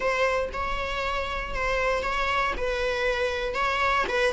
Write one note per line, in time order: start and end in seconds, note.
0.00 0.49 C5
0.53 1.54 C#5
1.54 2.02 C5
2.02 2.53 C#5
2.57 3.54 B4
3.54 4.05 C#5
4.08 4.33 B4